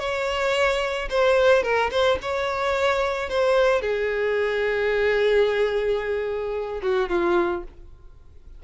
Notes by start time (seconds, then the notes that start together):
0.00 C#5
1.10 C5
1.63 A#4
1.91 C5
2.22 C#5
3.30 C5
3.82 G#4
6.83 F#4
7.10 F4